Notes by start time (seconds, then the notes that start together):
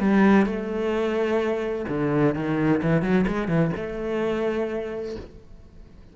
0.00 G3
0.46 A3
1.88 D3
2.35 D#3
2.83 E3
3.02 F#3
3.27 G#3
3.48 E3
3.77 A3